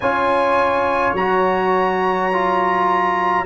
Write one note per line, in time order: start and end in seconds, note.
0.00 1.13 C#4
0.00 1.17 F4
0.00 3.45 C#5
0.00 1.13 G#5
1.13 3.44 F#3
1.13 2.32 F#4
1.13 3.45 A#5
2.32 3.45 F4